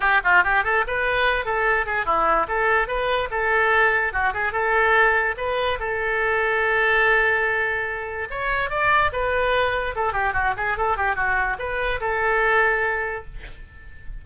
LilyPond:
\new Staff \with { instrumentName = "oboe" } { \time 4/4 \tempo 4 = 145 g'8 f'8 g'8 a'8 b'4. a'8~ | a'8 gis'8 e'4 a'4 b'4 | a'2 fis'8 gis'8 a'4~ | a'4 b'4 a'2~ |
a'1 | cis''4 d''4 b'2 | a'8 g'8 fis'8 gis'8 a'8 g'8 fis'4 | b'4 a'2. | }